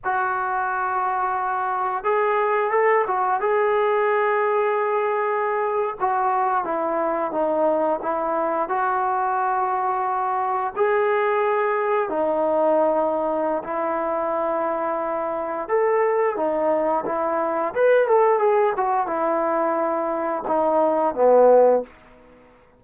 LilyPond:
\new Staff \with { instrumentName = "trombone" } { \time 4/4 \tempo 4 = 88 fis'2. gis'4 | a'8 fis'8 gis'2.~ | gis'8. fis'4 e'4 dis'4 e'16~ | e'8. fis'2. gis'16~ |
gis'4.~ gis'16 dis'2~ dis'16 | e'2. a'4 | dis'4 e'4 b'8 a'8 gis'8 fis'8 | e'2 dis'4 b4 | }